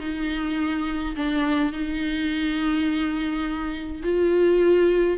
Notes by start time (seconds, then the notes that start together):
0.00 D#4
1.16 D4
1.73 D#4
4.03 F4